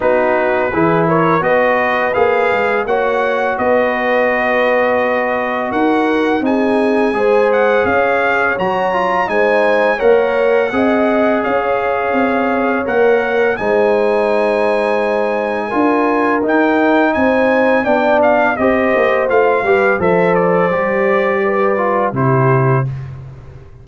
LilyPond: <<
  \new Staff \with { instrumentName = "trumpet" } { \time 4/4 \tempo 4 = 84 b'4. cis''8 dis''4 f''4 | fis''4 dis''2. | fis''4 gis''4. fis''8 f''4 | ais''4 gis''4 fis''2 |
f''2 fis''4 gis''4~ | gis''2. g''4 | gis''4 g''8 f''8 dis''4 f''4 | e''8 d''2~ d''8 c''4 | }
  \new Staff \with { instrumentName = "horn" } { \time 4/4 fis'4 gis'8 ais'8 b'2 | cis''4 b'2. | ais'4 gis'4 c''4 cis''4~ | cis''4 c''4 cis''4 dis''4 |
cis''2. c''4~ | c''2 ais'2 | c''4 d''4 c''4. b'8 | c''2 b'4 g'4 | }
  \new Staff \with { instrumentName = "trombone" } { \time 4/4 dis'4 e'4 fis'4 gis'4 | fis'1~ | fis'4 dis'4 gis'2 | fis'8 f'8 dis'4 ais'4 gis'4~ |
gis'2 ais'4 dis'4~ | dis'2 f'4 dis'4~ | dis'4 d'4 g'4 f'8 g'8 | a'4 g'4. f'8 e'4 | }
  \new Staff \with { instrumentName = "tuba" } { \time 4/4 b4 e4 b4 ais8 gis8 | ais4 b2. | dis'4 c'4 gis4 cis'4 | fis4 gis4 ais4 c'4 |
cis'4 c'4 ais4 gis4~ | gis2 d'4 dis'4 | c'4 b4 c'8 ais8 a8 g8 | f4 g2 c4 | }
>>